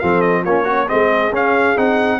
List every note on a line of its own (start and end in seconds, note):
0.00 0.45 F3
0.00 0.46 C4
0.00 0.43 A4
0.00 0.21 F5
0.21 0.43 D#5
0.43 0.89 A#3
0.43 0.64 C#4
0.43 0.65 F4
0.43 0.89 C#5
0.64 0.88 C#4
0.64 0.86 F#4
0.88 1.32 G#3
0.88 1.32 C4
0.88 2.20 G#4
0.88 1.33 D#5
1.32 1.76 C#4
1.32 1.78 F5
1.76 2.20 C4
1.76 2.20 D#4
1.76 2.20 F#5